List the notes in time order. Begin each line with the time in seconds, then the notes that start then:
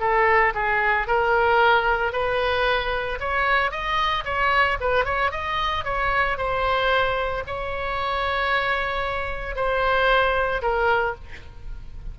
0.00 A4
0.54 G#4
1.07 A#4
2.12 B4
3.20 C#5
3.71 D#5
4.25 C#5
4.80 B4
5.05 C#5
5.31 D#5
5.84 C#5
6.37 C5
7.46 C#5
9.55 C5
10.62 A#4